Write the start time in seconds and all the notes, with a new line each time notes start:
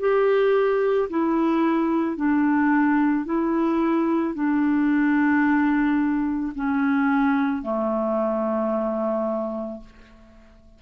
0.00 G4
1.10 E4
2.17 D4
3.26 E4
4.35 D4
6.56 C#4
7.63 A3